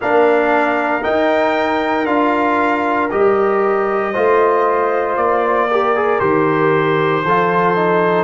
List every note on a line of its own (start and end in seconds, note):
0.01 1.05 A#3
0.01 1.02 D4
0.01 4.12 A#4
0.01 1.03 F5
1.02 2.05 D#4
1.02 2.06 D#4
1.02 2.05 G5
2.05 3.09 D4
2.05 3.09 F4
2.05 3.09 F5
3.09 4.15 G3
3.09 4.14 G4
3.09 5.16 D#5
4.12 5.16 A3
4.12 5.69 F4
4.12 5.67 C5
5.16 6.20 A#3
5.16 6.19 D5
5.70 5.95 G4
5.70 7.25 A#4
5.95 6.20 G#4
6.19 7.24 D#3
6.19 7.23 G4
6.19 8.23 C5
7.24 8.23 F3
7.24 7.75 F4
7.24 8.23 A4
7.75 8.23 D#4